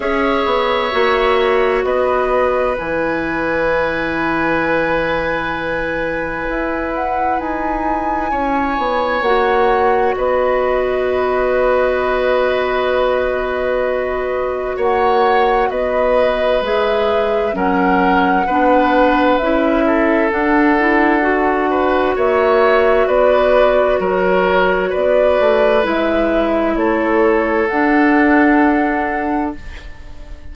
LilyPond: <<
  \new Staff \with { instrumentName = "flute" } { \time 4/4 \tempo 4 = 65 e''2 dis''4 gis''4~ | gis''2.~ gis''8 fis''8 | gis''2 fis''4 dis''4~ | dis''1 |
fis''4 dis''4 e''4 fis''4~ | fis''4 e''4 fis''2 | e''4 d''4 cis''4 d''4 | e''4 cis''4 fis''2 | }
  \new Staff \with { instrumentName = "oboe" } { \time 4/4 cis''2 b'2~ | b'1~ | b'4 cis''2 b'4~ | b'1 |
cis''4 b'2 ais'4 | b'4. a'2 b'8 | cis''4 b'4 ais'4 b'4~ | b'4 a'2. | }
  \new Staff \with { instrumentName = "clarinet" } { \time 4/4 gis'4 fis'2 e'4~ | e'1~ | e'2 fis'2~ | fis'1~ |
fis'2 gis'4 cis'4 | d'4 e'4 d'8 e'8 fis'4~ | fis'1 | e'2 d'2 | }
  \new Staff \with { instrumentName = "bassoon" } { \time 4/4 cis'8 b8 ais4 b4 e4~ | e2. e'4 | dis'4 cis'8 b8 ais4 b4~ | b1 |
ais4 b4 gis4 fis4 | b4 cis'4 d'2 | ais4 b4 fis4 b8 a8 | gis4 a4 d'2 | }
>>